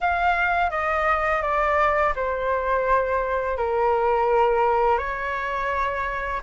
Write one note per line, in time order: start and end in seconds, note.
0.01 0.70 F5
0.70 1.42 D#5
1.42 2.13 D5
2.15 3.57 C5
3.57 4.98 A#4
4.98 6.41 C#5